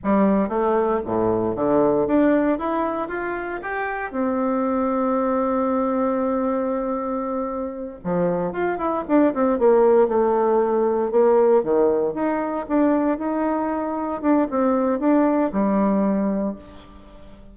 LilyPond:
\new Staff \with { instrumentName = "bassoon" } { \time 4/4 \tempo 4 = 116 g4 a4 a,4 d4 | d'4 e'4 f'4 g'4 | c'1~ | c'2.~ c'8 f8~ |
f8 f'8 e'8 d'8 c'8 ais4 a8~ | a4. ais4 dis4 dis'8~ | dis'8 d'4 dis'2 d'8 | c'4 d'4 g2 | }